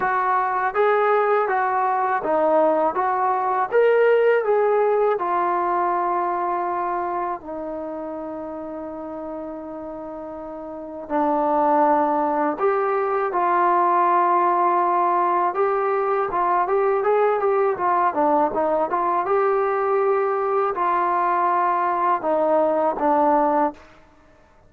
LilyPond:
\new Staff \with { instrumentName = "trombone" } { \time 4/4 \tempo 4 = 81 fis'4 gis'4 fis'4 dis'4 | fis'4 ais'4 gis'4 f'4~ | f'2 dis'2~ | dis'2. d'4~ |
d'4 g'4 f'2~ | f'4 g'4 f'8 g'8 gis'8 g'8 | f'8 d'8 dis'8 f'8 g'2 | f'2 dis'4 d'4 | }